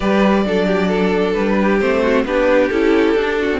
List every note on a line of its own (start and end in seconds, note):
0.00 0.44 G3
0.00 0.44 G4
0.00 0.44 B4
0.00 1.33 D5
0.44 1.35 F#3
0.44 1.80 D4
0.44 0.66 A4
0.66 0.87 G4
0.87 1.55 A4
1.33 1.81 G3
1.33 1.78 B4
1.60 2.02 G4
1.79 2.24 A3
1.79 2.25 C4
1.79 2.24 C5
2.02 2.24 F#4
2.24 2.69 B3
2.24 2.71 D4
2.24 3.39 G4
2.24 2.69 B4
2.69 3.14 C#4
2.69 3.17 E4
2.69 3.59 A4
3.14 3.59 D4
3.14 3.51 D4
3.39 3.60 F#4
3.52 3.60 C4